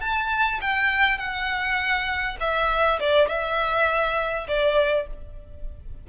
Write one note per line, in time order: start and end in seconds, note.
0.00 0.59 A5
0.60 1.18 G5
1.18 2.37 F#5
2.40 2.99 E5
2.99 3.28 D5
3.28 4.47 E5
4.47 5.07 D5